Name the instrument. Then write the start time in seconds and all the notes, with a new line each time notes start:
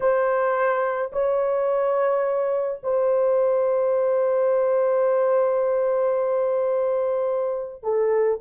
horn
0.00 C5
1.12 C#5
2.83 C5
7.83 A4